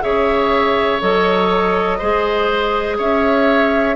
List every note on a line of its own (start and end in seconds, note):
0.00 1.01 C#3
0.00 0.98 G#4
0.00 1.98 C#5
0.00 1.00 E5
1.00 1.99 F#3
1.00 1.99 A4
1.00 2.97 D#5
1.98 2.98 G#3
1.98 3.95 G#4
1.98 2.97 C5
2.97 3.95 C#4
2.97 3.95 C#5
2.97 3.95 E5